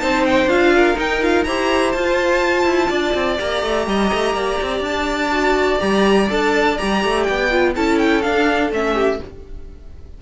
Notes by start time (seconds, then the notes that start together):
0.00 C4 D#4 C5 A5
0.26 G5
0.46 D4 F4 F5
0.75 A#4
0.95 D#4 G5
1.22 F4 F5
1.44 E4 G4 C5 A#5
1.93 F4 A5
2.65 E4
2.89 D4 D5
3.15 C4
3.38 A#3 G4 A#5
3.63 A3
3.87 G3 D#5
4.14 A3
4.34 A#3 D5
4.63 C4
4.81 D4 A5
5.32 F#4
5.80 G3 G4 A#5
6.30 D4 A4 A5
6.78 G3 G4 A#5
7.05 A3
7.24 B3 G5
7.51 F4
7.76 C#4 E4 A4 A5
7.99 G5
8.22 D4 F5
8.72 A3 C#4 E5
8.94 G4